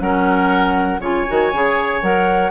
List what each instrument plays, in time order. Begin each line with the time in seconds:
0.00 bassoon F#3, clarinet C#4, oboe A#4, flute F#5
0.99 bassoon C#3, clarinet F4, oboe C#5, flute G#5
1.28 bassoon D#3, clarinet F#4
1.52 bassoon C#3, clarinet G#4
2.02 bassoon F#3, clarinet A#4, flute F#5